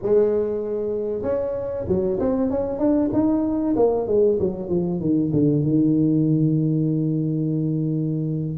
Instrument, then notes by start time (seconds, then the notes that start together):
tuba
0.02 G#3
1.22 C#4
1.88 F#3
2.19 C4
2.50 C#4
2.78 D4
3.13 D#4
3.76 A#3
4.07 G#3
4.39 F#3
4.68 F3
5.00 D#3
5.32 D3
5.62 D#3